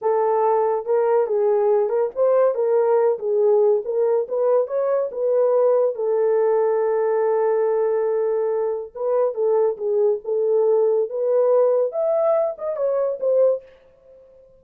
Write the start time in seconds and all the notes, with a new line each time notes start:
0.01 A4
0.85 A#4
1.27 G#4
1.89 A#4
2.15 C5
2.54 A#4
3.18 G#4
3.84 A#4
4.28 B4
4.67 C#5
5.11 B4
5.95 A4
8.95 B4
9.34 A4
9.77 G#4
10.24 A4
11.09 B4
11.92 E5
12.57 D#5
12.76 C#5
13.20 C5